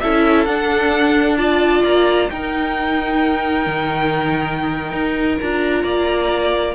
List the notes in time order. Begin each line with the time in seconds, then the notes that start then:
0.00 C#4 E4 A4 E5
0.45 D4 F#5
1.37 F4 D5 A5
1.84 A#3 A#5
2.30 D#4 A#4 G5
3.66 D#3
4.92 D#4
5.41 D4 F4 A#5
5.83 A#3 D5